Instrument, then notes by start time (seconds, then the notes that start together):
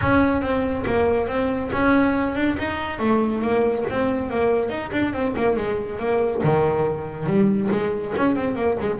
double bass
0.01 C#4
0.41 C4
0.86 A#3
1.27 C4
1.72 C#4
2.35 D4
2.58 D#4
2.99 A3
3.42 A#3
3.90 C4
4.30 A#3
4.69 D#4
4.92 D4
5.13 C4
5.36 A#3
5.56 G#3
5.99 A#3
6.43 D#3
7.26 G3
7.71 G#3
8.16 C#4
8.35 C4
8.55 A#3
8.80 G#3